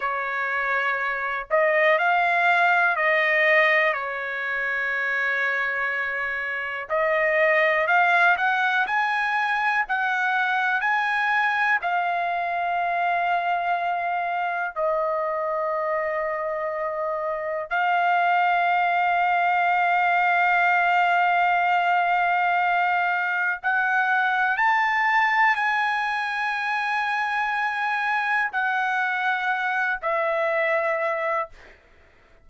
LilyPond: \new Staff \with { instrumentName = "trumpet" } { \time 4/4 \tempo 4 = 61 cis''4. dis''8 f''4 dis''4 | cis''2. dis''4 | f''8 fis''8 gis''4 fis''4 gis''4 | f''2. dis''4~ |
dis''2 f''2~ | f''1 | fis''4 a''4 gis''2~ | gis''4 fis''4. e''4. | }